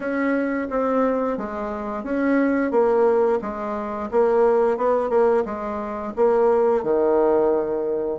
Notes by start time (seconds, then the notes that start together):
0.00 C#4
0.70 C4
1.37 G#3
2.03 C#4
2.71 A#3
3.41 G#3
4.11 A#3
4.77 B3
5.09 A#3
5.45 G#3
6.15 A#3
6.83 D#3